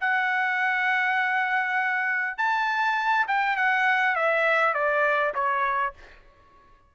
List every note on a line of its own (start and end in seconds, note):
0.00 2.37 F#5
2.37 3.26 A5
3.27 3.56 G5
3.56 4.15 F#5
4.15 4.74 E5
4.74 5.33 D5
5.34 5.93 C#5